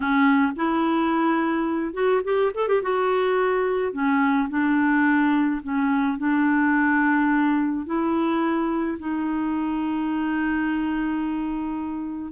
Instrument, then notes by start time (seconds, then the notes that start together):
clarinet
0.00 C#4
0.56 E4
1.93 F#4
2.24 G4
2.54 A4
2.68 G4
2.82 F#4
3.92 C#4
4.49 D4
5.62 C#4
6.18 D4
7.86 E4
8.99 D#4